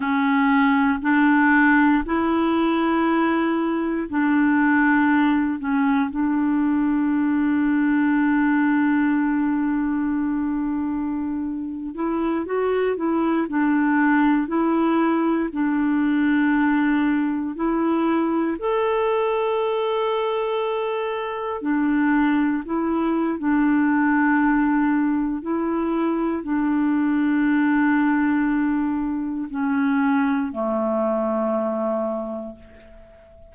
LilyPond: \new Staff \with { instrumentName = "clarinet" } { \time 4/4 \tempo 4 = 59 cis'4 d'4 e'2 | d'4. cis'8 d'2~ | d'2.~ d'8. e'16~ | e'16 fis'8 e'8 d'4 e'4 d'8.~ |
d'4~ d'16 e'4 a'4.~ a'16~ | a'4~ a'16 d'4 e'8. d'4~ | d'4 e'4 d'2~ | d'4 cis'4 a2 | }